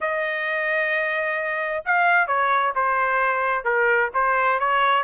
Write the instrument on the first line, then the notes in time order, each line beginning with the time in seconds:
trumpet
0.00 D#5
1.85 F5
2.27 C#5
2.75 C5
3.64 A#4
4.14 C5
4.59 C#5